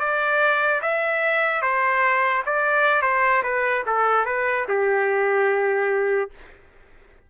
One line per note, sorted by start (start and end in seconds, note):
0.00 0.81 D5
0.82 1.62 E5
1.62 2.43 C5
2.46 3.02 D5
3.02 3.42 C5
3.43 3.84 B4
3.86 4.25 A4
4.25 4.66 B4
4.68 6.30 G4